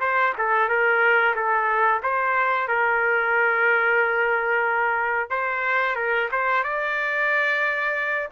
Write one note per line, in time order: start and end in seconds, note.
0.00 0.33 C5
0.38 0.69 A4
0.69 1.35 A#4
1.35 2.01 A4
2.03 2.68 C5
2.68 5.30 A#4
5.30 5.96 C5
5.96 6.28 A#4
6.31 6.64 C5
6.64 8.28 D5